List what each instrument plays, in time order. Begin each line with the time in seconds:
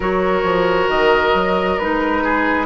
0.00 bassoon F#3, clarinet F#4, oboe A#4, flute C#5
0.43 bassoon F3
0.88 bassoon D#3, flute D#5
1.34 bassoon F#3
1.78 bassoon G#3, clarinet D#4, flute B4
2.23 oboe G#4